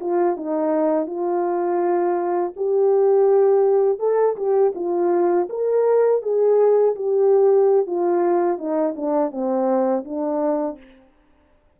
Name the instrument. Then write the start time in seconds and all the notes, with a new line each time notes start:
horn
0.00 F4
0.36 D#4
1.06 F4
2.56 G4
3.99 A4
4.36 G4
4.75 F4
5.49 A#4
6.22 G#4
6.95 G4
7.87 F4
8.58 D#4
8.96 D4
9.31 C4
10.04 D4